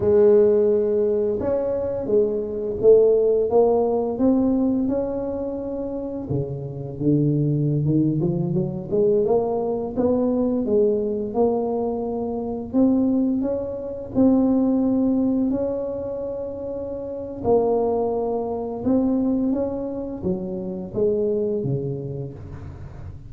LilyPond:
\new Staff \with { instrumentName = "tuba" } { \time 4/4 \tempo 4 = 86 gis2 cis'4 gis4 | a4 ais4 c'4 cis'4~ | cis'4 cis4 d4~ d16 dis8 f16~ | f16 fis8 gis8 ais4 b4 gis8.~ |
gis16 ais2 c'4 cis'8.~ | cis'16 c'2 cis'4.~ cis'16~ | cis'4 ais2 c'4 | cis'4 fis4 gis4 cis4 | }